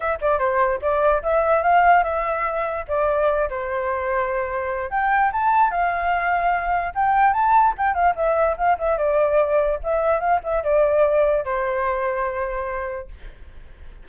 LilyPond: \new Staff \with { instrumentName = "flute" } { \time 4/4 \tempo 4 = 147 e''8 d''8 c''4 d''4 e''4 | f''4 e''2 d''4~ | d''8 c''2.~ c''8 | g''4 a''4 f''2~ |
f''4 g''4 a''4 g''8 f''8 | e''4 f''8 e''8 d''2 | e''4 f''8 e''8 d''2 | c''1 | }